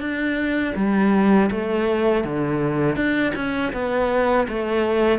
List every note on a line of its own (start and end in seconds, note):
0.00 0.74 D4
0.76 1.50 G3
1.51 2.24 A3
2.24 2.96 D3
2.96 3.33 D4
3.35 3.72 C#4
3.73 4.47 B3
4.48 5.19 A3